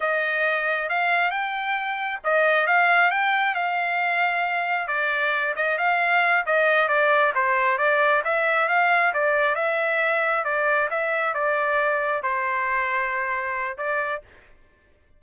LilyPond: \new Staff \with { instrumentName = "trumpet" } { \time 4/4 \tempo 4 = 135 dis''2 f''4 g''4~ | g''4 dis''4 f''4 g''4 | f''2. d''4~ | d''8 dis''8 f''4. dis''4 d''8~ |
d''8 c''4 d''4 e''4 f''8~ | f''8 d''4 e''2 d''8~ | d''8 e''4 d''2 c''8~ | c''2. d''4 | }